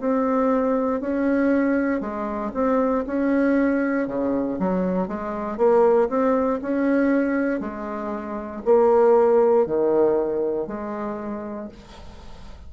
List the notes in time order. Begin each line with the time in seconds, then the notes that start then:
0.00 C4
1.01 C#4
2.01 G#3
2.54 C4
3.07 C#4
4.08 C#3
4.59 F#3
5.08 G#3
5.58 A#3
6.09 C4
6.62 C#4
7.60 G#3
8.65 A#3
9.67 D#3
10.67 G#3